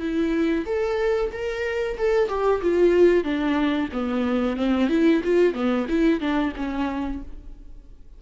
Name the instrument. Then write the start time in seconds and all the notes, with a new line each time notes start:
viola
0.00 E4
0.66 A4
1.33 A#4
1.98 A4
2.29 G4
2.62 F4
3.24 D4
3.93 B3
4.57 C4
4.90 E4
5.24 F4
5.54 B3
5.89 E4
6.21 D4
6.57 C#4